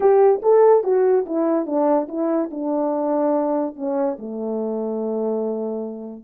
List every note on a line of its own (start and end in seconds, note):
0.00 0.41 G4
0.42 0.83 A4
0.83 1.25 F#4
1.26 1.66 E4
1.66 2.07 D4
2.08 2.50 E4
2.50 3.75 D4
3.75 4.17 C#4
4.18 6.24 A3